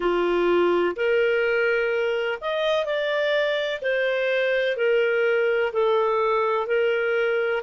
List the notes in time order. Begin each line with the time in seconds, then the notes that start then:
0.00 F4
0.96 A#4
2.41 D#5
2.85 D5
3.81 C5
4.77 A#4
5.72 A4
6.66 A#4